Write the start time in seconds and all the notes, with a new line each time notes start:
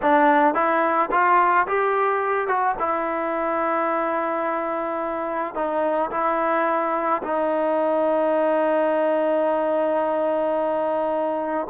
0.02 D4
0.54 E4
1.11 F4
1.67 G4
2.47 F#4
2.79 E4
5.54 D#4
6.10 E4
7.22 D#4